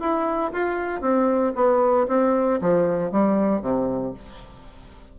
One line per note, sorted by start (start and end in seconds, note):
0.00 0.52 E4
0.52 1.02 F4
1.02 1.54 C4
1.55 2.08 B3
2.08 2.60 C4
2.61 3.12 F3
3.12 3.62 G3
3.62 4.14 C3